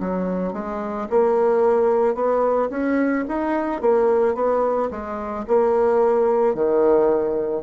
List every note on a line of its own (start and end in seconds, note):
0.00 0.54 F#3
0.54 1.08 G#3
1.10 2.15 A#3
2.15 2.69 B3
2.70 3.25 C#4
3.29 3.81 D#4
3.81 4.35 A#3
4.35 4.89 B3
4.91 5.45 G#3
5.48 6.55 A#3
6.55 7.63 D#3